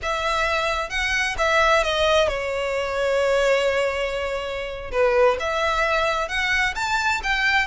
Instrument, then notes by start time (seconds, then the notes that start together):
violin
0.02 E5
0.89 F#5
1.38 E5
1.83 D#5
2.28 C#5
4.91 B4
5.39 E5
6.28 F#5
6.75 A5
7.23 G5